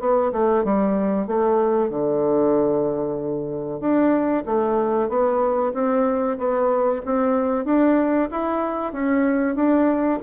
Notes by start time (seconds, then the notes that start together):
0.00 B3
0.32 A3
0.64 G3
1.27 A3
1.90 D3
3.80 D4
4.46 A3
5.09 B3
5.74 C4
6.38 B3
7.05 C4
7.65 D4
8.31 E4
8.92 C#4
9.55 D4